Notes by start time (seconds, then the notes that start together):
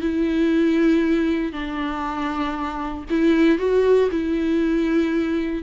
0.00 E4
1.52 D4
3.10 E4
3.58 F#4
4.11 E4